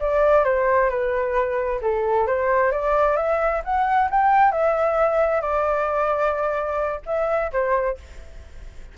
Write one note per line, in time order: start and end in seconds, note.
0.00 0.44 D5
0.44 0.90 C5
0.90 1.81 B4
1.82 2.27 A4
2.27 2.72 C5
2.72 3.17 D5
3.17 3.62 E5
3.64 4.10 F#5
4.11 4.52 G5
4.52 5.42 E5
5.42 7.01 D5
7.06 7.52 E5
7.52 7.98 C5